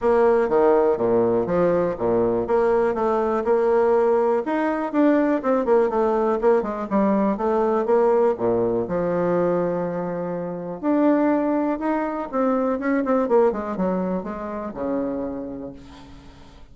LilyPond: \new Staff \with { instrumentName = "bassoon" } { \time 4/4 \tempo 4 = 122 ais4 dis4 ais,4 f4 | ais,4 ais4 a4 ais4~ | ais4 dis'4 d'4 c'8 ais8 | a4 ais8 gis8 g4 a4 |
ais4 ais,4 f2~ | f2 d'2 | dis'4 c'4 cis'8 c'8 ais8 gis8 | fis4 gis4 cis2 | }